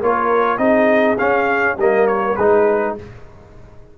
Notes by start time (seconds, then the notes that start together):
0.00 A#3 F4 A#4 C#5
0.58 C4 D#4 G#4 D#5
1.18 C#4 F5
1.77 G3 A#3 A#4 D#5
2.07 C#5
2.36 G#3 D#4 G#4 B4